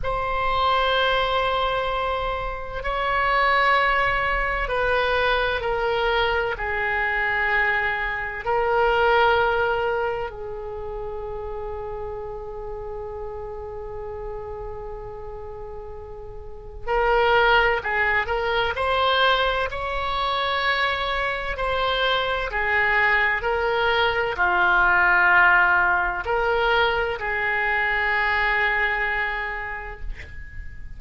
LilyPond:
\new Staff \with { instrumentName = "oboe" } { \time 4/4 \tempo 4 = 64 c''2. cis''4~ | cis''4 b'4 ais'4 gis'4~ | gis'4 ais'2 gis'4~ | gis'1~ |
gis'2 ais'4 gis'8 ais'8 | c''4 cis''2 c''4 | gis'4 ais'4 f'2 | ais'4 gis'2. | }